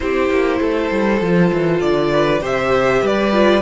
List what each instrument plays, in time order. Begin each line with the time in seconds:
0.00 cello C4, viola E4, violin G4 C5
0.30 cello A#3
0.59 cello A3, violin A4
0.90 cello G3
1.21 cello F3, viola F4
1.52 cello E3
1.80 cello D3, violin D5
2.12 violin B4
2.40 cello C3, viola G4, violin C5 E5
3.01 cello G3, violin B4 D5
3.32 viola F4